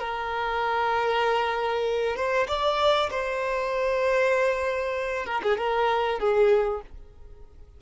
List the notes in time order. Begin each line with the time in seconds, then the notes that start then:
0.00 A#4
2.17 C5
2.48 D5
3.11 C5
5.26 A#4
5.43 G#4
5.58 A#4
6.20 G#4